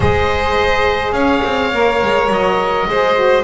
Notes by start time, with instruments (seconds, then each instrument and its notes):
0.00 double bass G#3, saxophone G#4, violin C5, oboe D#5
1.12 double bass C#4, violin C#5, oboe F5
1.44 double bass C4
1.72 double bass A#3, saxophone A#4
2.01 double bass G#3
2.28 double bass F#3, oboe D#5
2.87 double bass G#3, saxophone G#4, violin C5
3.15 saxophone F#4